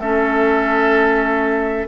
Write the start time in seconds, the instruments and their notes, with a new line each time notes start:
0.00 bassoon A3, clarinet C#4, oboe A4, flute E5